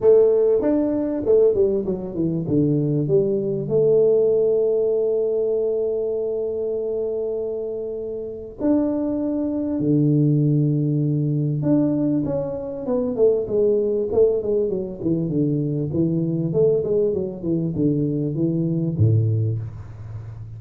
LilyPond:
\new Staff \with { instrumentName = "tuba" } { \time 4/4 \tempo 4 = 98 a4 d'4 a8 g8 fis8 e8 | d4 g4 a2~ | a1~ | a2 d'2 |
d2. d'4 | cis'4 b8 a8 gis4 a8 gis8 | fis8 e8 d4 e4 a8 gis8 | fis8 e8 d4 e4 a,4 | }